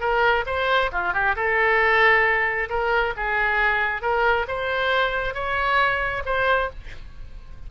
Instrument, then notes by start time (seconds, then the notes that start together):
oboe
0.00 A#4
0.46 C5
0.92 F4
1.13 G4
1.35 A4
2.69 A#4
3.16 G#4
4.02 A#4
4.47 C5
5.34 C#5
6.25 C5